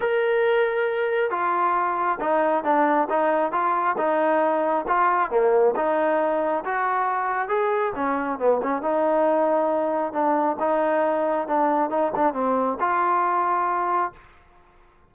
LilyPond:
\new Staff \with { instrumentName = "trombone" } { \time 4/4 \tempo 4 = 136 ais'2. f'4~ | f'4 dis'4 d'4 dis'4 | f'4 dis'2 f'4 | ais4 dis'2 fis'4~ |
fis'4 gis'4 cis'4 b8 cis'8 | dis'2. d'4 | dis'2 d'4 dis'8 d'8 | c'4 f'2. | }